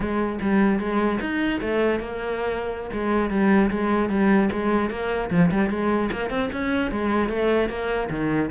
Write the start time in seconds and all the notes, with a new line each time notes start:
0.00 G#3
0.41 G3
0.79 G#3
1.20 D#4
1.60 A3
2.00 A#3
2.92 G#3
3.30 G3
3.70 G#3
4.09 G3
4.51 G#3
4.89 A#3
5.30 F3
5.51 G3
5.69 G#3
6.11 A#3
6.30 C4
6.52 C#4
6.91 G#3
7.29 A3
7.69 A#3
8.10 D#3